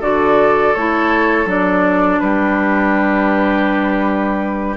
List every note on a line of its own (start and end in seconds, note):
0.00 0.74 D3
0.00 0.74 F#4
0.00 2.20 A4
0.00 0.75 D5
0.75 1.46 A3
0.75 1.46 E4
0.75 1.48 C#5
1.46 2.19 F#3
1.46 4.75 D4
1.46 2.19 D5
2.19 4.77 G3
2.19 4.77 G4
2.19 4.75 B4